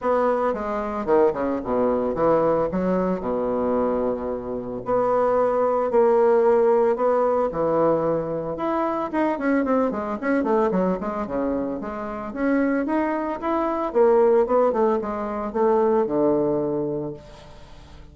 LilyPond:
\new Staff \with { instrumentName = "bassoon" } { \time 4/4 \tempo 4 = 112 b4 gis4 dis8 cis8 b,4 | e4 fis4 b,2~ | b,4 b2 ais4~ | ais4 b4 e2 |
e'4 dis'8 cis'8 c'8 gis8 cis'8 a8 | fis8 gis8 cis4 gis4 cis'4 | dis'4 e'4 ais4 b8 a8 | gis4 a4 d2 | }